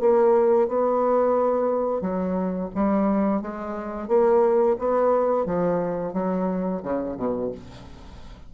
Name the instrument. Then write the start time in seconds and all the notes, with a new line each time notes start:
bassoon
0.00 A#3
0.68 B3
2.01 F#3
2.75 G3
3.41 G#3
4.08 A#3
4.79 B3
5.45 F3
6.13 F#3
6.82 C#3
7.17 B2